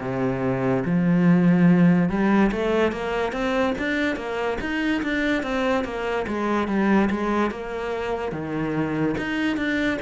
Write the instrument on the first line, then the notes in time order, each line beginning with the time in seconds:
cello
0.00 C3
0.85 F3
2.09 G3
2.51 A3
2.92 A#3
3.32 C4
3.78 D4
4.16 A#3
4.60 D#4
5.02 D4
5.42 C4
5.84 A#3
6.27 G#3
6.67 G3
7.10 G#3
7.50 A#3
8.32 D#3
9.17 D#4
9.56 D4